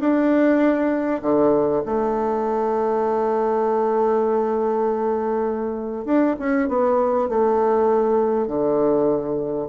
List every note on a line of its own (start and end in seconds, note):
0.00 1.21 D4
1.22 1.83 D3
1.86 6.05 A3
6.05 6.36 D4
6.39 6.68 C#4
6.68 7.29 B3
7.29 8.47 A3
8.47 9.69 D3